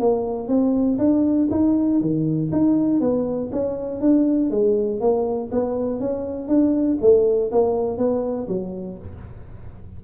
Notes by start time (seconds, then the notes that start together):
0.00 A#3
0.48 C4
0.99 D4
1.51 D#4
2.01 D#3
2.52 D#4
3.01 B3
3.52 C#4
4.01 D4
4.51 G#3
5.01 A#3
5.52 B3
6.00 C#4
6.48 D4
7.01 A3
7.52 A#3
7.98 B3
8.48 F#3